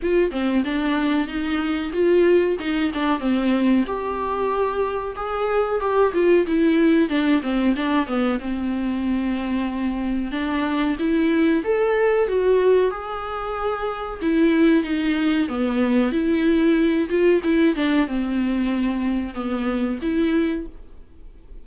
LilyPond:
\new Staff \with { instrumentName = "viola" } { \time 4/4 \tempo 4 = 93 f'8 c'8 d'4 dis'4 f'4 | dis'8 d'8 c'4 g'2 | gis'4 g'8 f'8 e'4 d'8 c'8 | d'8 b8 c'2. |
d'4 e'4 a'4 fis'4 | gis'2 e'4 dis'4 | b4 e'4. f'8 e'8 d'8 | c'2 b4 e'4 | }